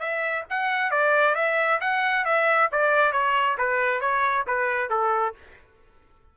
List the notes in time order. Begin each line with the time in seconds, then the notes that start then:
0.00 E5
0.50 F#5
0.91 D5
1.35 E5
1.81 F#5
2.25 E5
2.72 D5
3.13 C#5
3.58 B4
4.01 C#5
4.47 B4
4.90 A4